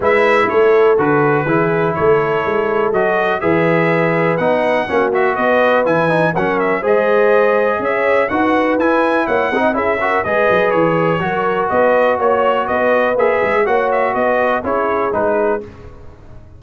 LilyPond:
<<
  \new Staff \with { instrumentName = "trumpet" } { \time 4/4 \tempo 4 = 123 e''4 cis''4 b'2 | cis''2 dis''4 e''4~ | e''4 fis''4. e''8 dis''4 | gis''4 fis''8 e''8 dis''2 |
e''4 fis''4 gis''4 fis''4 | e''4 dis''4 cis''2 | dis''4 cis''4 dis''4 e''4 | fis''8 e''8 dis''4 cis''4 b'4 | }
  \new Staff \with { instrumentName = "horn" } { \time 4/4 b'4 a'2 gis'4 | a'2. b'4~ | b'2 fis'4 b'4~ | b'4 ais'4 c''2 |
cis''4 b'2 cis''8 dis''8 | gis'8 ais'8 b'2 ais'4 | b'4 cis''4 b'2 | cis''4 b'4 gis'2 | }
  \new Staff \with { instrumentName = "trombone" } { \time 4/4 e'2 fis'4 e'4~ | e'2 fis'4 gis'4~ | gis'4 dis'4 cis'8 fis'4. | e'8 dis'8 cis'4 gis'2~ |
gis'4 fis'4 e'4. dis'8 | e'8 fis'8 gis'2 fis'4~ | fis'2. gis'4 | fis'2 e'4 dis'4 | }
  \new Staff \with { instrumentName = "tuba" } { \time 4/4 gis4 a4 d4 e4 | a4 gis4 fis4 e4~ | e4 b4 ais4 b4 | e4 fis4 gis2 |
cis'4 dis'4 e'4 ais8 c'8 | cis'4 gis8 fis8 e4 fis4 | b4 ais4 b4 ais8 gis8 | ais4 b4 cis'4 gis4 | }
>>